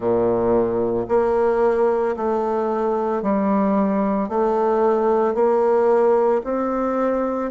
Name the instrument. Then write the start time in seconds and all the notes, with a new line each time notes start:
bassoon
0.00 A#2
1.08 A#3
2.16 A3
3.22 G3
4.29 A3
5.34 A#3
6.43 C4